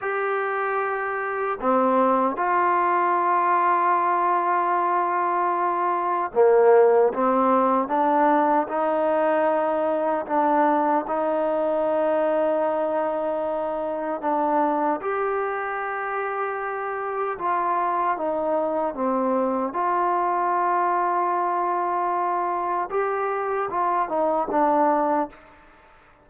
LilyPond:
\new Staff \with { instrumentName = "trombone" } { \time 4/4 \tempo 4 = 76 g'2 c'4 f'4~ | f'1 | ais4 c'4 d'4 dis'4~ | dis'4 d'4 dis'2~ |
dis'2 d'4 g'4~ | g'2 f'4 dis'4 | c'4 f'2.~ | f'4 g'4 f'8 dis'8 d'4 | }